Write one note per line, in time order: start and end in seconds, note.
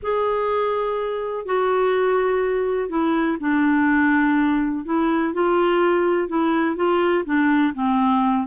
0.02 1.45 G#4
1.45 2.89 F#4
2.89 3.37 E4
3.40 4.85 D4
4.85 5.33 E4
5.33 6.28 F4
6.28 6.76 E4
6.76 7.24 F4
7.25 7.73 D4
7.74 8.47 C4